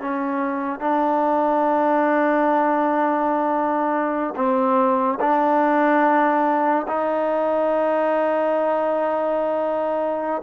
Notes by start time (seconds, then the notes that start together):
0.00 C#4
0.80 D4
4.35 C4
5.19 D4
6.87 D#4